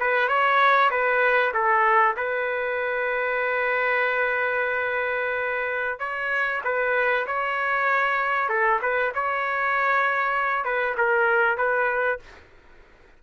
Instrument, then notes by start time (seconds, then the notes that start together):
trumpet
0.00 B4
0.29 C#5
0.91 B4
1.54 A4
2.17 B4
6.00 C#5
6.65 B4
7.27 C#5
8.49 A4
8.82 B4
9.15 C#5
10.65 B4
10.98 A#4
11.58 B4